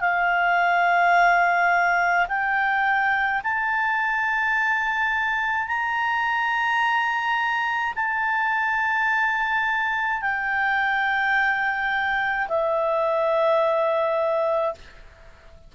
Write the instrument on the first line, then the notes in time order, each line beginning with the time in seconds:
clarinet
0.00 F5
2.28 G5
3.43 A5
5.67 A#5
7.95 A5
10.21 G5
12.48 E5